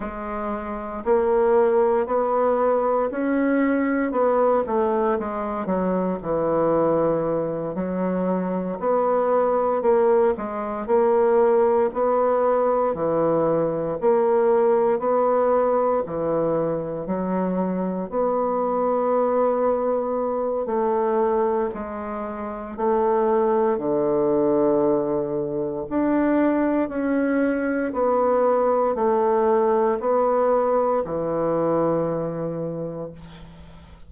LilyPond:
\new Staff \with { instrumentName = "bassoon" } { \time 4/4 \tempo 4 = 58 gis4 ais4 b4 cis'4 | b8 a8 gis8 fis8 e4. fis8~ | fis8 b4 ais8 gis8 ais4 b8~ | b8 e4 ais4 b4 e8~ |
e8 fis4 b2~ b8 | a4 gis4 a4 d4~ | d4 d'4 cis'4 b4 | a4 b4 e2 | }